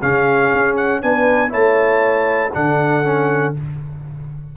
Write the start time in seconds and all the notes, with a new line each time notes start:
0.00 C#3 C#4 G#4 F5
0.53 C#4
0.76 F#5
1.02 B3 D4 B4 G#5
1.49 A3 E4 C#5 A5
2.53 D3 D4 A4 F#5
3.03 C#4